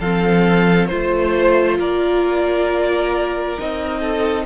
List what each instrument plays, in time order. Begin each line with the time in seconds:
0.00 cello F3, viola C4, violin A4 F5
0.87 cello A3, viola F4, violin C5
1.79 cello A#3, violin A#4 D5
3.59 cello C4, viola D#4, violin D#5
4.00 violin A4